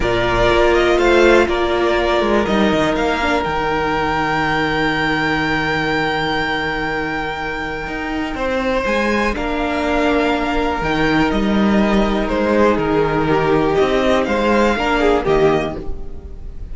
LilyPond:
<<
  \new Staff \with { instrumentName = "violin" } { \time 4/4 \tempo 4 = 122 d''4. dis''8 f''4 d''4~ | d''4 dis''4 f''4 g''4~ | g''1~ | g''1~ |
g''2 gis''4 f''4~ | f''2 g''4 dis''4~ | dis''4 c''4 ais'2 | dis''4 f''2 dis''4 | }
  \new Staff \with { instrumentName = "violin" } { \time 4/4 ais'2 c''4 ais'4~ | ais'1~ | ais'1~ | ais'1~ |
ais'4 c''2 ais'4~ | ais'1~ | ais'4. gis'4. g'4~ | g'4 c''4 ais'8 gis'8 g'4 | }
  \new Staff \with { instrumentName = "viola" } { \time 4/4 f'1~ | f'4 dis'4. d'8 dis'4~ | dis'1~ | dis'1~ |
dis'2. d'4~ | d'2 dis'2~ | dis'1~ | dis'2 d'4 ais4 | }
  \new Staff \with { instrumentName = "cello" } { \time 4/4 ais,4 ais4 a4 ais4~ | ais8 gis8 g8 dis8 ais4 dis4~ | dis1~ | dis1 |
dis'4 c'4 gis4 ais4~ | ais2 dis4 g4~ | g4 gis4 dis2 | c'4 gis4 ais4 dis4 | }
>>